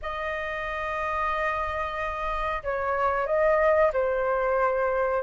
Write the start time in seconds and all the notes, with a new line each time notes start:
0.02 D#5
2.63 C#5
3.26 D#5
3.93 C5